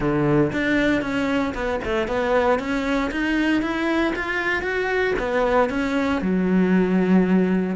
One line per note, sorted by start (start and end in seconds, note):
0.00 0.51 D3
0.52 1.01 D4
1.01 1.53 C#4
1.54 1.80 B3
1.84 2.07 A3
2.07 2.59 B3
2.59 3.11 C#4
3.11 3.61 D#4
3.61 4.13 E4
4.15 4.62 F4
4.62 5.14 F#4
5.18 5.69 B3
5.69 6.21 C#4
6.21 7.76 F#3